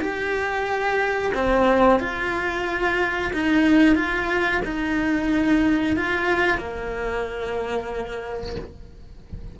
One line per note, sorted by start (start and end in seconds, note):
0.00 1.32 G4
1.34 2.00 C4
2.00 3.31 F4
3.33 3.95 D#4
3.95 4.61 F4
4.64 5.96 D#4
5.96 6.58 F4
6.58 8.55 A#3